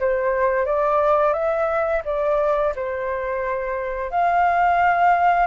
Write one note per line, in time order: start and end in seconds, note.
0.00 0.66 C5
0.66 1.34 D5
1.34 2.03 E5
2.05 2.74 D5
2.76 4.11 C5
4.11 5.47 F5